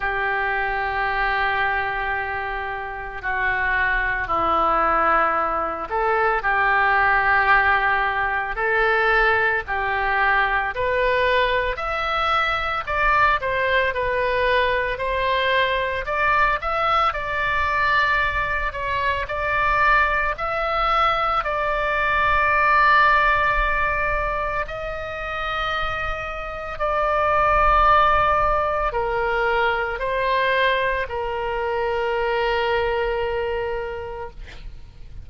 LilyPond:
\new Staff \with { instrumentName = "oboe" } { \time 4/4 \tempo 4 = 56 g'2. fis'4 | e'4. a'8 g'2 | a'4 g'4 b'4 e''4 | d''8 c''8 b'4 c''4 d''8 e''8 |
d''4. cis''8 d''4 e''4 | d''2. dis''4~ | dis''4 d''2 ais'4 | c''4 ais'2. | }